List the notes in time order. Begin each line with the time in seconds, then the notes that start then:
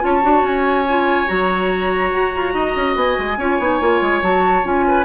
0.00 C#4 F4 C#5 A5
0.22 D4 F#4
0.43 C#4 G#5
0.88 F4
1.26 F#3 F#4 A#5
2.12 F#4
2.35 F4
2.53 D#4 D#5
2.75 C#4
2.95 B3 G#5
3.18 G#3
3.37 C#4 F4 C#5
3.59 B3 D#4
3.80 A#3 F4
4.01 G#3
4.22 F#3 F#4 A5
4.63 C#4 F4 G#5
4.87 B4